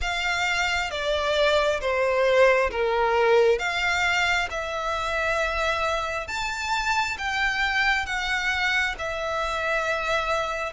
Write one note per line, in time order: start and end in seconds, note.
0.01 0.90 F5
0.90 1.80 D5
1.81 2.70 C5
2.71 3.59 A#4
3.59 4.48 F5
4.50 6.27 E5
6.27 7.17 A5
7.18 8.06 G5
8.06 8.95 F#5
8.98 10.72 E5